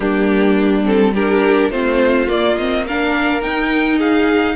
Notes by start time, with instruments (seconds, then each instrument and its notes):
0.00 cello G3, viola A#3, violin D4 G4
0.84 viola C4, violin A4
1.13 viola D4, violin G4 A#4
1.70 cello A3, viola C4, violin F4 C5
2.27 viola A#3, cello A#3, violin D5
2.57 viola C4, violin D#5
2.86 viola D4, violin A#4 F5
3.41 viola D#4, cello D#4, violin G5
3.98 violin G#4 F5